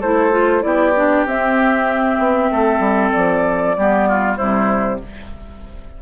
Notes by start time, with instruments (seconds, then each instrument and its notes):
0.00 bassoon A3, clarinet E4, oboe A4, flute C5
0.31 clarinet F4
0.61 bassoon B3, clarinet E4, oboe G4, flute D5
0.96 clarinet D4
1.26 bassoon C4, clarinet C4, flute E5
2.18 bassoon B3
2.51 bassoon A3, oboe A4
2.80 bassoon G3
3.12 bassoon F3, flute D5
3.77 bassoon G3, clarinet B3, oboe G4
4.08 oboe F4
4.37 bassoon C3, clarinet G3, oboe E4, flute C5